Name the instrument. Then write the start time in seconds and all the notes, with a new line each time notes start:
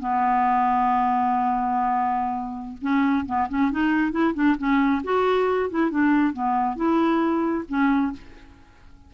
clarinet
0.00 B3
2.82 C#4
3.26 B3
3.49 C#4
3.72 D#4
4.12 E4
4.35 D4
4.58 C#4
5.04 F#4
5.71 E4
5.91 D4
6.34 B3
6.76 E4
7.69 C#4